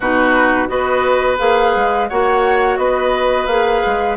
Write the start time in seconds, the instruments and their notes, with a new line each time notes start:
0.00 bassoon B2, clarinet D#4, oboe F#4, flute B4
0.67 bassoon B3, clarinet F#4, oboe B4, flute D#5
1.38 bassoon A#3, clarinet G#4, flute F5
1.75 bassoon G#3
2.08 bassoon A#3, clarinet F#4, oboe C#5, flute F#5
2.77 bassoon B3, oboe B4, flute D#5
3.46 bassoon A#3, clarinet G#4, flute F5
3.86 bassoon G#3